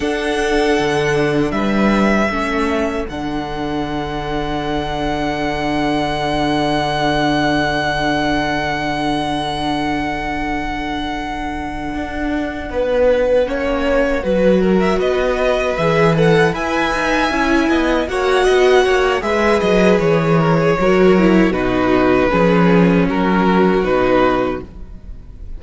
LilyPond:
<<
  \new Staff \with { instrumentName = "violin" } { \time 4/4 \tempo 4 = 78 fis''2 e''2 | fis''1~ | fis''1~ | fis''1~ |
fis''2.~ fis''16 e''16 dis''8~ | dis''8 e''8 fis''8 gis''2 fis''8~ | fis''4 e''8 dis''8 cis''2 | b'2 ais'4 b'4 | }
  \new Staff \with { instrumentName = "violin" } { \time 4/4 a'2 b'4 a'4~ | a'1~ | a'1~ | a'1~ |
a'8 b'4 cis''4 b'8 ais'8 b'8~ | b'4. e''4. dis''8 cis''8 | dis''8 cis''8 b'4. ais'16 gis'16 ais'4 | fis'4 gis'4 fis'2 | }
  \new Staff \with { instrumentName = "viola" } { \time 4/4 d'2. cis'4 | d'1~ | d'1~ | d'1~ |
d'4. cis'4 fis'4.~ | fis'8 gis'8 a'8 b'4 e'4 fis'8~ | fis'4 gis'2 fis'8 e'8 | dis'4 cis'2 dis'4 | }
  \new Staff \with { instrumentName = "cello" } { \time 4/4 d'4 d4 g4 a4 | d1~ | d1~ | d2.~ d8 d'8~ |
d'8 b4 ais4 fis4 b8~ | b8 e4 e'8 dis'8 cis'8 b8 ais8 | b8 ais8 gis8 fis8 e4 fis4 | b,4 f4 fis4 b,4 | }
>>